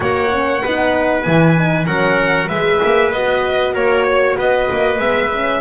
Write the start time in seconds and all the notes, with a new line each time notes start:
0.00 A#3 F#4 C#5 F#5
0.31 C#4
0.62 B3 D#4 B4
1.22 E3 E4 G#5
1.57 D#4
1.86 F#3 C#4 A#4 F#5
2.48 G#3 G#4 B4 E5
2.84 A#3
3.11 B3 F#4 D#5
3.73 A#3 A#4 C#5
4.04 C#5
4.37 B3 B4 D#5
4.71 A#3
4.99 G#3 B3 E5
5.33 C#4